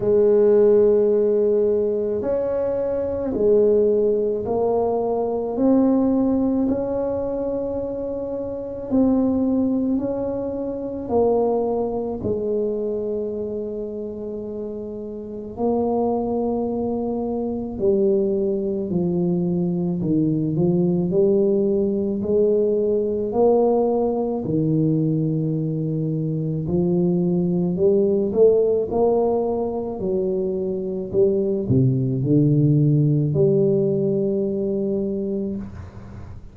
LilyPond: \new Staff \with { instrumentName = "tuba" } { \time 4/4 \tempo 4 = 54 gis2 cis'4 gis4 | ais4 c'4 cis'2 | c'4 cis'4 ais4 gis4~ | gis2 ais2 |
g4 f4 dis8 f8 g4 | gis4 ais4 dis2 | f4 g8 a8 ais4 fis4 | g8 c8 d4 g2 | }